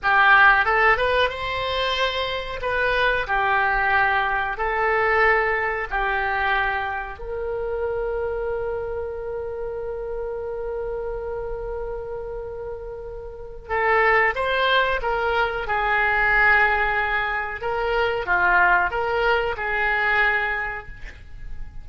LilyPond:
\new Staff \with { instrumentName = "oboe" } { \time 4/4 \tempo 4 = 92 g'4 a'8 b'8 c''2 | b'4 g'2 a'4~ | a'4 g'2 ais'4~ | ais'1~ |
ais'1~ | ais'4 a'4 c''4 ais'4 | gis'2. ais'4 | f'4 ais'4 gis'2 | }